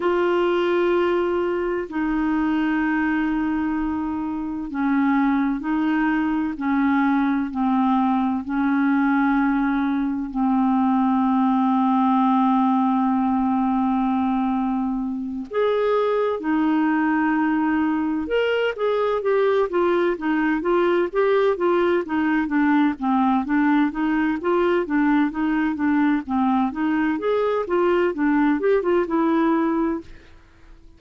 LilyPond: \new Staff \with { instrumentName = "clarinet" } { \time 4/4 \tempo 4 = 64 f'2 dis'2~ | dis'4 cis'4 dis'4 cis'4 | c'4 cis'2 c'4~ | c'1~ |
c'8 gis'4 dis'2 ais'8 | gis'8 g'8 f'8 dis'8 f'8 g'8 f'8 dis'8 | d'8 c'8 d'8 dis'8 f'8 d'8 dis'8 d'8 | c'8 dis'8 gis'8 f'8 d'8 g'16 f'16 e'4 | }